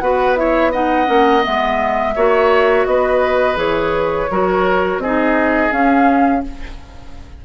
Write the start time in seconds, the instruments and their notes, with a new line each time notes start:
0.00 bassoon B3, clarinet F#4, oboe B4, flute F#5
0.36 clarinet E4, oboe C#5, flute E5
0.72 clarinet D#4, oboe D#5, flute F#5
1.06 bassoon A#3, clarinet C#4
1.43 bassoon G#3, clarinet B3, flute E5
2.16 bassoon A#3, clarinet F#4, oboe C#5
2.86 bassoon B3, oboe B4, flute D#5
3.56 bassoon E3, clarinet G#4, flute C#5
4.31 bassoon F#3, clarinet F#4, oboe A#4
4.98 bassoon C4, oboe G#4, flute D#5
5.05 clarinet D#4
5.71 clarinet C#4, bassoon C#4, flute F5